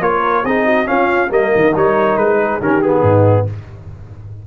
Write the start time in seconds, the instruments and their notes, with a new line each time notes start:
0.00 tuba A#3, trombone F4, horn A#4, trumpet C#5
0.44 tuba C4, trombone D#4, horn G#4, trumpet D#5
0.65 horn F#4
0.85 trombone C#4, tuba C#4, horn F4, trumpet F5
1.29 tuba G3, trombone A#3, horn A#4, trumpet D#5
1.55 tuba D#3
1.75 tuba G3, trombone D#4, trumpet C#5
2.17 tuba G#3, trumpet B4
2.41 horn G#4
2.61 tuba D#3, trombone C#4, horn G4, trumpet A#4
2.82 trombone B3, trumpet G#4
3.01 tuba G#2, horn D#4